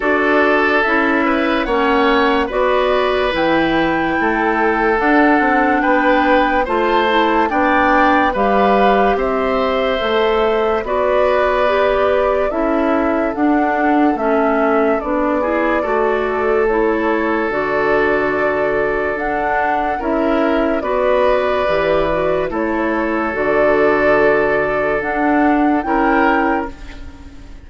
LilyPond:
<<
  \new Staff \with { instrumentName = "flute" } { \time 4/4 \tempo 4 = 72 d''4 e''4 fis''4 d''4 | g''2 fis''4 g''4 | a''4 g''4 f''4 e''4~ | e''4 d''2 e''4 |
fis''4 e''4 d''2 | cis''4 d''2 fis''4 | e''4 d''2 cis''4 | d''2 fis''4 g''4 | }
  \new Staff \with { instrumentName = "oboe" } { \time 4/4 a'4. b'8 cis''4 b'4~ | b'4 a'2 b'4 | c''4 d''4 b'4 c''4~ | c''4 b'2 a'4~ |
a'2~ a'8 gis'8 a'4~ | a'1 | ais'4 b'2 a'4~ | a'2. ais'4 | }
  \new Staff \with { instrumentName = "clarinet" } { \time 4/4 fis'4 e'4 cis'4 fis'4 | e'2 d'2 | f'8 e'8 d'4 g'2 | a'4 fis'4 g'4 e'4 |
d'4 cis'4 d'8 e'8 fis'4 | e'4 fis'2 d'4 | e'4 fis'4 g'8 fis'8 e'4 | fis'2 d'4 e'4 | }
  \new Staff \with { instrumentName = "bassoon" } { \time 4/4 d'4 cis'4 ais4 b4 | e4 a4 d'8 c'8 b4 | a4 b4 g4 c'4 | a4 b2 cis'4 |
d'4 a4 b4 a4~ | a4 d2 d'4 | cis'4 b4 e4 a4 | d2 d'4 cis'4 | }
>>